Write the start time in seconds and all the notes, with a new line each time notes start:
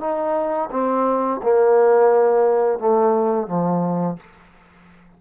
0.00 D#4
0.71 C4
1.43 A#3
2.79 A3
3.47 F3